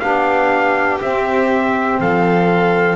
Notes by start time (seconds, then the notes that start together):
0.00 B3 D4 G4 F5
1.00 C4 E5
2.01 F3 A4 F5